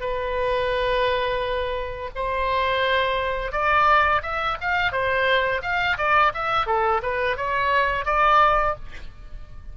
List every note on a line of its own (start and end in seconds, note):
0.00 2.09 B4
2.15 3.51 C5
3.51 4.21 D5
4.22 4.57 E5
4.60 4.92 F5
4.92 5.61 C5
5.62 5.97 F5
5.97 6.32 D5
6.34 6.66 E5
6.66 7.01 A4
7.02 7.37 B4
7.37 8.05 C#5
8.05 8.75 D5